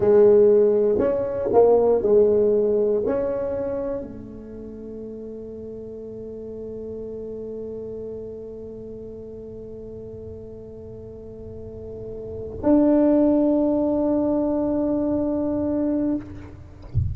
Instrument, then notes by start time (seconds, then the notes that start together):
tuba
0.00 G#3
0.98 C#4
1.52 A#3
2.02 G#3
3.06 C#4
4.01 A3
12.62 D4